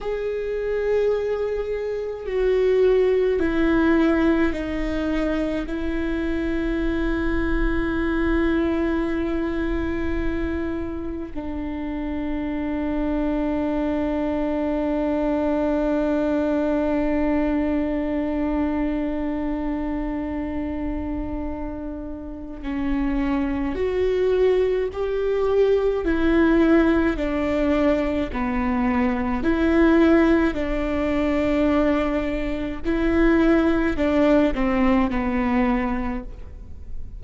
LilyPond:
\new Staff \with { instrumentName = "viola" } { \time 4/4 \tempo 4 = 53 gis'2 fis'4 e'4 | dis'4 e'2.~ | e'2 d'2~ | d'1~ |
d'1 | cis'4 fis'4 g'4 e'4 | d'4 b4 e'4 d'4~ | d'4 e'4 d'8 c'8 b4 | }